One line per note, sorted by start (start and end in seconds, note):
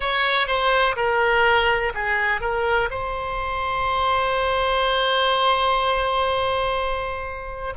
0.00 0.47 C#5
0.47 0.95 C5
0.96 1.93 A#4
1.94 2.41 G#4
2.41 2.89 A#4
2.90 7.74 C5